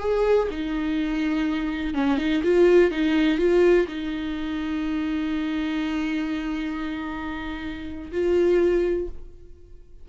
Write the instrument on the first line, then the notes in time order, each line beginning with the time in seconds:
viola
0.00 G#4
0.51 D#4
1.94 C#4
2.18 D#4
2.43 F4
2.91 D#4
3.38 F4
3.88 D#4
8.12 F4